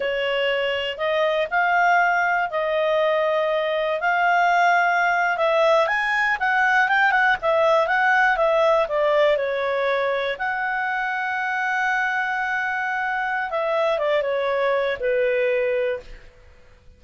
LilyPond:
\new Staff \with { instrumentName = "clarinet" } { \time 4/4 \tempo 4 = 120 cis''2 dis''4 f''4~ | f''4 dis''2. | f''2~ f''8. e''4 gis''16~ | gis''8. fis''4 g''8 fis''8 e''4 fis''16~ |
fis''8. e''4 d''4 cis''4~ cis''16~ | cis''8. fis''2.~ fis''16~ | fis''2. e''4 | d''8 cis''4. b'2 | }